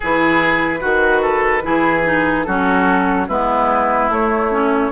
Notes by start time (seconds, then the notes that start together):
0.00 E3 E4 G#4 B4
0.79 D#3 F#4
1.21 A4
1.62 E3 E4 G#4
2.04 D#4
2.43 F#3 C#4 F#4 A4
3.27 G#3 B3 E4 B4
4.09 A3 C#5
4.51 C#4